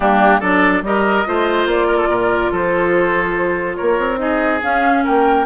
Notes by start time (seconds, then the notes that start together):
0.00 G3 A#3 D4 G4
0.40 F#3 D4 A4 D5
0.82 G3 G4 A#4 D#5
1.26 A3 F4 C5
1.66 A#3 D5
1.87 A#4
1.97 A4
2.07 A#2 A#4
2.51 F3 A4 C5
3.75 A#4 C#5
3.81 A#3
3.98 C4
4.17 D#4 G#4 D#5
4.62 C#4 F5
5.04 A#3 A#4 G5